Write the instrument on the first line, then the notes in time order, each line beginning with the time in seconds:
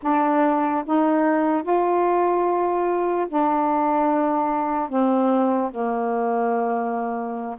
saxophone
0.02 D4
0.86 D#4
1.62 F4
3.28 D4
4.89 C4
5.71 A#3